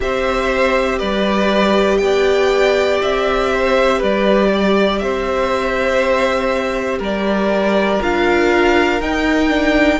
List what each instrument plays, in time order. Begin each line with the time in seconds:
0.00 cello C4, viola G4, violin C5 E5
0.99 cello G3, violin B4 D5
1.97 cello B3, violin G5
2.04 violin D5
3.02 cello C4, violin E5
3.53 violin C5
3.98 cello G3, violin B4 D5
4.53 violin D5
4.98 cello C4, violin C5 E5
6.98 cello G3, violin A#4 D5
8.01 cello D4, viola F4, violin F5
9.00 cello D#4, viola D#4, violin G5
9.49 viola D4